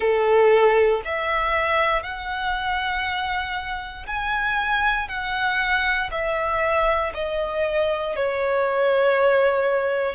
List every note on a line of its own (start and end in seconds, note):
0.00 1.02 A4
1.04 2.02 E5
2.02 4.06 F#5
4.06 5.08 G#5
5.08 6.10 F#5
6.11 7.12 E5
7.14 8.15 D#5
8.15 10.15 C#5